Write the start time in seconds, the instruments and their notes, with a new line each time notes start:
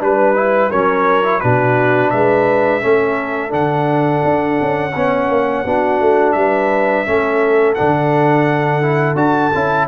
0.00 tuba G3, trombone D4, horn B4, trumpet B4
0.35 trombone E4
0.70 tuba F#3, trombone C#4, horn A#4, trumpet C#5
1.23 trombone E4
1.40 tuba B2, trombone D4, horn F#4, trumpet B4
2.10 tuba G#3, horn B4, trumpet E5
2.81 tuba A3, trombone C#4, horn A4
3.50 tuba D3, trombone D4, trumpet F#5
4.25 tuba D4
4.61 tuba C#4
4.95 tuba B3, trombone C#4, horn C#5
5.29 tuba A#3
5.65 tuba B3, trombone D4, horn F#4
6.00 tuba A3
6.32 tuba G3, trumpet E5
6.38 horn B4
7.06 tuba A3, trombone C#4, horn A4
7.75 tuba D3, trombone D4, trumpet F#5
8.82 trombone E4
9.15 tuba D4, trombone F#4, trumpet A5
9.55 tuba C#4, trombone E4